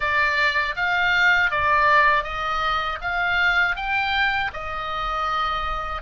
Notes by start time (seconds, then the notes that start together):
0.00 D5
0.76 F5
1.50 D5
2.23 D#5
3.01 F5
3.76 G5
4.53 D#5